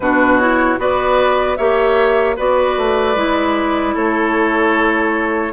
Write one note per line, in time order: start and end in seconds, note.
0.00 0.78 B2
0.00 0.40 D4
0.00 0.80 F#4
0.00 0.37 B4
0.37 0.78 E4
0.37 0.77 C#5
0.78 1.57 B3
0.78 1.57 F#4
0.78 1.57 B4
0.78 1.56 D5
1.56 2.37 A#3
1.56 2.37 G4
1.56 2.36 C#5
1.56 2.35 E5
2.36 2.77 B3
2.36 3.15 F#4
2.36 3.94 B4
2.36 3.96 D5
2.77 3.15 A3
3.15 3.94 G#3
3.15 5.52 E4
3.94 5.52 A3
3.94 5.52 A4
3.94 5.52 C#5